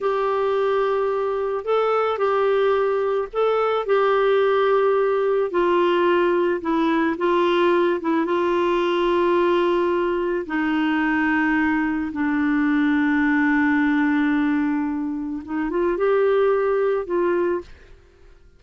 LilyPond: \new Staff \with { instrumentName = "clarinet" } { \time 4/4 \tempo 4 = 109 g'2. a'4 | g'2 a'4 g'4~ | g'2 f'2 | e'4 f'4. e'8 f'4~ |
f'2. dis'4~ | dis'2 d'2~ | d'1 | dis'8 f'8 g'2 f'4 | }